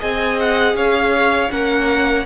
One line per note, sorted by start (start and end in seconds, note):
0.00 0.74 C4
0.00 1.49 G#4
0.00 0.75 D#5
0.00 0.39 G#5
0.40 0.76 F#5
0.74 1.49 C#4
0.74 1.52 C#5
0.74 1.51 F5
1.49 2.26 A#3
1.49 2.24 C#4
1.49 2.26 A#4
1.49 2.26 F#5